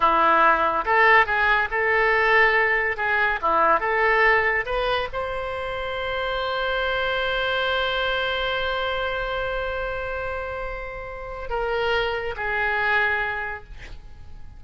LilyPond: \new Staff \with { instrumentName = "oboe" } { \time 4/4 \tempo 4 = 141 e'2 a'4 gis'4 | a'2. gis'4 | e'4 a'2 b'4 | c''1~ |
c''1~ | c''1~ | c''2. ais'4~ | ais'4 gis'2. | }